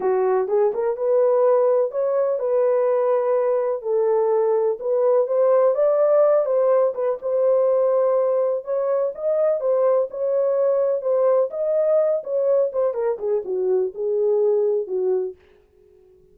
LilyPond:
\new Staff \with { instrumentName = "horn" } { \time 4/4 \tempo 4 = 125 fis'4 gis'8 ais'8 b'2 | cis''4 b'2. | a'2 b'4 c''4 | d''4. c''4 b'8 c''4~ |
c''2 cis''4 dis''4 | c''4 cis''2 c''4 | dis''4. cis''4 c''8 ais'8 gis'8 | fis'4 gis'2 fis'4 | }